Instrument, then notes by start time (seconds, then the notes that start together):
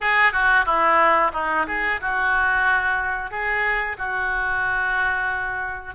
oboe
0.00 G#4
0.32 F#4
0.65 E4
1.33 D#4
1.67 G#4
2.00 F#4
3.31 G#4
3.98 F#4